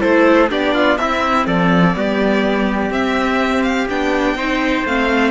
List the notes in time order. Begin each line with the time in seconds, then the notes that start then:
0.00 A3 E4 A4 C5
0.50 B3 D4 G4 D5
0.74 F4
0.98 C4 E4 E5
1.47 F3 A4 D5
1.95 G3 B3 G4
2.91 C4 E5
3.63 F5
3.90 B3 D4 G5
4.35 C4 D#4 C5
4.85 A3 C4 F5